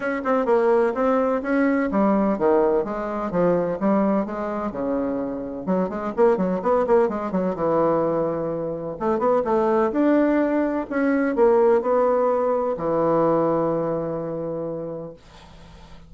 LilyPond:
\new Staff \with { instrumentName = "bassoon" } { \time 4/4 \tempo 4 = 127 cis'8 c'8 ais4 c'4 cis'4 | g4 dis4 gis4 f4 | g4 gis4 cis2 | fis8 gis8 ais8 fis8 b8 ais8 gis8 fis8 |
e2. a8 b8 | a4 d'2 cis'4 | ais4 b2 e4~ | e1 | }